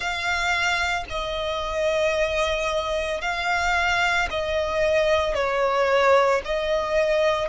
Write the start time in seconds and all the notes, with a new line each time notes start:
0.00 F5
1.09 D#5
3.21 F5
4.30 D#5
5.34 C#5
6.44 D#5